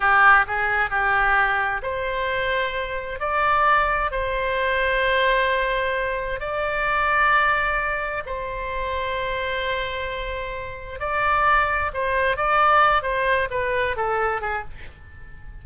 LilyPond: \new Staff \with { instrumentName = "oboe" } { \time 4/4 \tempo 4 = 131 g'4 gis'4 g'2 | c''2. d''4~ | d''4 c''2.~ | c''2 d''2~ |
d''2 c''2~ | c''1 | d''2 c''4 d''4~ | d''8 c''4 b'4 a'4 gis'8 | }